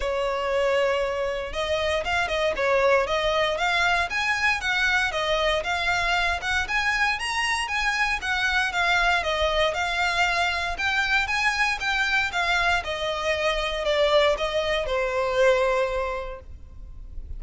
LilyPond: \new Staff \with { instrumentName = "violin" } { \time 4/4 \tempo 4 = 117 cis''2. dis''4 | f''8 dis''8 cis''4 dis''4 f''4 | gis''4 fis''4 dis''4 f''4~ | f''8 fis''8 gis''4 ais''4 gis''4 |
fis''4 f''4 dis''4 f''4~ | f''4 g''4 gis''4 g''4 | f''4 dis''2 d''4 | dis''4 c''2. | }